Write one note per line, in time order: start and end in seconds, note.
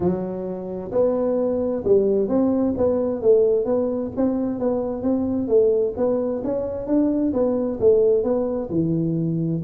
0.00 0.91 F#3
0.91 1.83 B3
1.84 2.28 G3
2.28 2.74 C4
2.77 3.21 B3
3.21 3.65 A3
3.65 4.11 B3
4.16 4.59 C4
4.59 5.02 B3
5.02 5.47 C4
5.47 5.93 A3
5.96 6.42 B3
6.44 6.86 C#4
6.86 7.32 D4
7.33 7.79 B3
7.80 8.23 A3
8.23 8.69 B3
8.70 9.61 E3